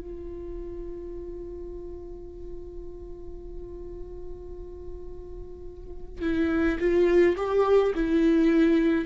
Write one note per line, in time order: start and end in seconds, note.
0.00 6.22 F4
6.22 6.78 E4
6.80 7.36 F4
7.37 7.93 G4
7.95 9.06 E4